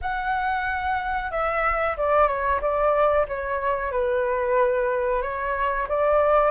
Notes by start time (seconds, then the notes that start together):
0.01 F#5
1.31 E5
1.97 D5
2.27 C#5
2.61 D5
3.28 C#5
3.91 B4
5.21 C#5
5.88 D5